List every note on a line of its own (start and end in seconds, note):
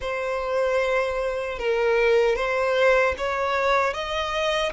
0.00 1.58 C5
1.59 2.35 A#4
2.35 3.14 C5
3.17 3.93 C#5
3.93 4.72 D#5